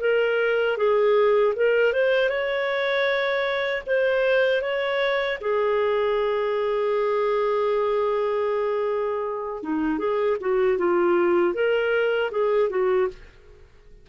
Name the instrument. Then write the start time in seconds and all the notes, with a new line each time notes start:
clarinet
0.00 A#4
0.77 G#4
1.55 A#4
1.92 C5
2.29 C#5
3.86 C5
4.61 C#5
5.41 G#4
9.63 D#4
9.98 G#4
10.40 F#4
10.78 F4
11.54 A#4
12.31 G#4
12.69 F#4